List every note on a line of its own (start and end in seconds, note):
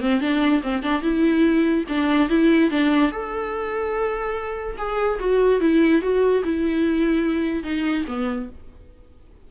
0.00 0.20 C4
0.20 0.62 D4
0.62 0.82 C4
0.82 1.02 D4
1.02 1.85 E4
1.88 2.29 D4
2.29 2.70 E4
2.70 3.11 D4
3.11 4.76 A4
4.78 5.19 G#4
5.19 5.60 F#4
5.60 6.01 E4
6.01 6.43 F#4
6.44 7.63 E4
7.63 8.04 D#4
8.07 8.49 B3